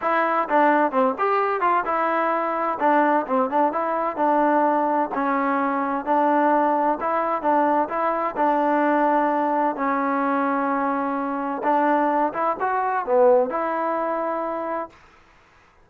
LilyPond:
\new Staff \with { instrumentName = "trombone" } { \time 4/4 \tempo 4 = 129 e'4 d'4 c'8 g'4 f'8 | e'2 d'4 c'8 d'8 | e'4 d'2 cis'4~ | cis'4 d'2 e'4 |
d'4 e'4 d'2~ | d'4 cis'2.~ | cis'4 d'4. e'8 fis'4 | b4 e'2. | }